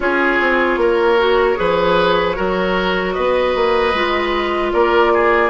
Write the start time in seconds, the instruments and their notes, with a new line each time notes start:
0.00 bassoon C#4, clarinet F4, oboe G#4, flute C#5
0.40 bassoon C4
0.76 bassoon A#3, oboe A#4
1.18 clarinet F#4
1.55 bassoon F3, clarinet G#4, oboe B4
2.34 bassoon F#3, clarinet F#4, oboe A#4
3.12 bassoon B3, oboe B4, flute D#5
3.55 bassoon A#3
3.93 bassoon G#3, clarinet F4
4.73 bassoon A#3, oboe A#4, flute D5
5.13 oboe G#4